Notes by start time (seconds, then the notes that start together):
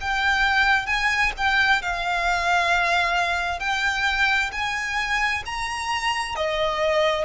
0.00 G5
0.86 G#5
1.37 G5
1.82 F5
3.60 G5
4.52 G#5
5.45 A#5
6.35 D#5